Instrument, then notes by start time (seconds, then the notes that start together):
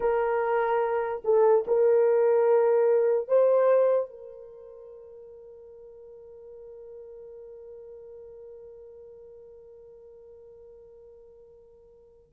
horn
0.00 A#4
1.24 A4
1.67 A#4
3.28 C5
4.10 A#4